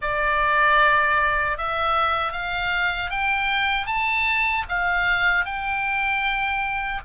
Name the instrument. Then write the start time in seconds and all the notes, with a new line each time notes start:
oboe
0.01 D5
1.57 E5
2.32 F5
3.10 G5
3.86 A5
4.68 F5
5.45 G5